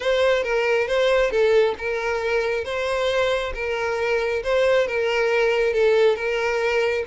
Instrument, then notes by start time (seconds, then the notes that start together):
violin
0.00 C5
0.43 A#4
0.87 C5
1.30 A4
1.77 A#4
2.64 C5
3.54 A#4
4.43 C5
4.87 A#4
5.73 A4
6.15 A#4